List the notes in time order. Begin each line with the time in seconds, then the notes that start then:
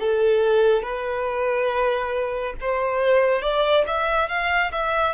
0.00 A4
0.83 B4
2.61 C5
3.42 D5
3.87 E5
4.29 F5
4.72 E5